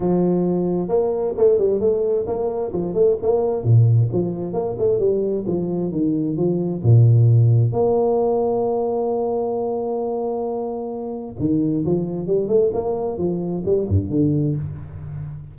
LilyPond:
\new Staff \with { instrumentName = "tuba" } { \time 4/4 \tempo 4 = 132 f2 ais4 a8 g8 | a4 ais4 f8 a8 ais4 | ais,4 f4 ais8 a8 g4 | f4 dis4 f4 ais,4~ |
ais,4 ais2.~ | ais1~ | ais4 dis4 f4 g8 a8 | ais4 f4 g8 g,8 d4 | }